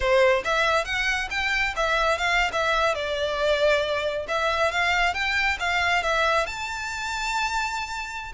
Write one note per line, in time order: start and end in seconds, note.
0.00 0.43 C5
0.44 0.85 E5
0.85 1.28 F#5
1.30 1.74 G5
1.75 2.18 E5
2.18 2.50 F5
2.52 2.94 E5
2.94 4.26 D5
4.28 4.71 E5
4.71 5.13 F5
5.13 5.57 G5
5.59 6.02 F5
6.02 6.46 E5
6.46 8.32 A5